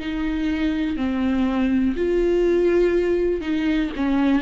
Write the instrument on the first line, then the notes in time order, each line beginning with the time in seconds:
viola
0.00 D#4
0.97 C4
1.97 F4
3.42 D#4
3.97 C#4